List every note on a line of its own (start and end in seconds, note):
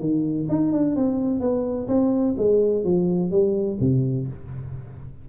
0.00 0.47 D#3
0.49 0.72 D#4
0.72 0.96 D4
0.96 1.40 C4
1.40 1.88 B3
1.88 2.35 C4
2.38 2.85 G#3
2.85 3.31 F3
3.31 3.78 G3
3.81 4.28 C3